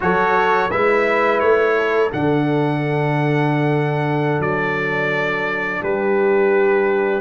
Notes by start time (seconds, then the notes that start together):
0.00 F#3 F#4 A4 C#5
0.70 G#3 E4 B4 E5
1.39 A3 C#5
1.77 A4
2.10 D3 D4 F#5
4.39 F#3 D5
5.81 G3 G4 B4